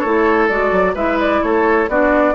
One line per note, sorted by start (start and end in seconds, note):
0.00 0.50 A3
0.00 0.50 E4
0.00 0.92 A4
0.00 0.46 C#5
0.49 0.72 G#3
0.49 0.96 F#4
0.49 0.95 D5
0.72 0.95 F#3
0.95 1.41 G#3
0.95 1.89 E4
0.95 1.41 B4
0.95 1.19 E5
1.20 1.43 D5
1.43 1.88 A3
1.43 1.90 A4
1.43 1.89 C#5
1.88 2.34 B3
1.88 2.35 D4
1.88 2.35 F#4
1.88 2.35 D5